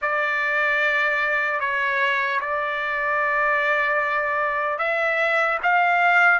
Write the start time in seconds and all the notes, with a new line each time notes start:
0.01 D5
1.60 C#5
2.40 D5
4.78 E5
5.63 F5